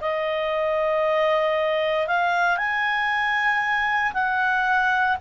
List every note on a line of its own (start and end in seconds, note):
0.00 2.07 D#5
2.07 2.57 F5
2.57 4.12 G#5
4.14 5.17 F#5